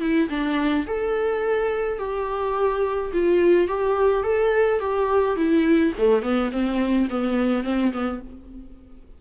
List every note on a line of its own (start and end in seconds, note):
0.00 0.28 E4
0.29 0.86 D4
0.86 1.98 A4
1.98 3.12 G4
3.13 3.68 F4
3.68 4.23 G4
4.23 4.80 A4
4.80 5.36 G4
5.36 5.93 E4
5.98 6.22 A3
6.22 6.50 B3
6.51 7.08 C4
7.10 7.64 B3
7.64 7.92 C4
7.92 8.20 B3